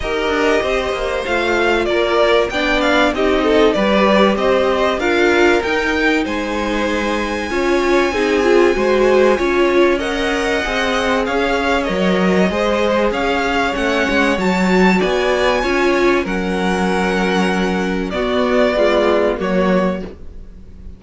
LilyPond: <<
  \new Staff \with { instrumentName = "violin" } { \time 4/4 \tempo 4 = 96 dis''2 f''4 d''4 | g''8 f''8 dis''4 d''4 dis''4 | f''4 g''4 gis''2~ | gis''1 |
fis''2 f''4 dis''4~ | dis''4 f''4 fis''4 a''4 | gis''2 fis''2~ | fis''4 d''2 cis''4 | }
  \new Staff \with { instrumentName = "violin" } { \time 4/4 ais'4 c''2 ais'4 | d''4 g'8 a'8 b'4 c''4 | ais'2 c''2 | cis''4 gis'4 c''4 cis''4 |
dis''2 cis''2 | c''4 cis''2. | d''4 cis''4 ais'2~ | ais'4 fis'4 f'4 fis'4 | }
  \new Staff \with { instrumentName = "viola" } { \time 4/4 g'2 f'2 | d'4 dis'4 g'2 | f'4 dis'2. | f'4 dis'8 f'8 fis'4 f'4 |
ais'4 gis'2 ais'4 | gis'2 cis'4 fis'4~ | fis'4 f'4 cis'2~ | cis'4 b4 gis4 ais4 | }
  \new Staff \with { instrumentName = "cello" } { \time 4/4 dis'8 d'8 c'8 ais8 a4 ais4 | b4 c'4 g4 c'4 | d'4 dis'4 gis2 | cis'4 c'4 gis4 cis'4~ |
cis'4 c'4 cis'4 fis4 | gis4 cis'4 a8 gis8 fis4 | b4 cis'4 fis2~ | fis4 b2 fis4 | }
>>